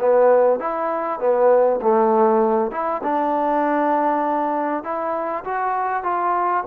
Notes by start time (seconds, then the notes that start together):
0.00 B3
0.60 E4
1.20 B3
1.82 A3
2.72 E4
3.04 D4
4.84 E4
5.45 F#4
6.04 F4